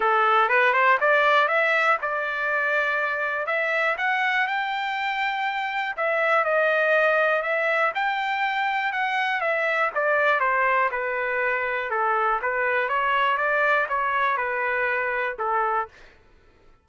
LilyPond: \new Staff \with { instrumentName = "trumpet" } { \time 4/4 \tempo 4 = 121 a'4 b'8 c''8 d''4 e''4 | d''2. e''4 | fis''4 g''2. | e''4 dis''2 e''4 |
g''2 fis''4 e''4 | d''4 c''4 b'2 | a'4 b'4 cis''4 d''4 | cis''4 b'2 a'4 | }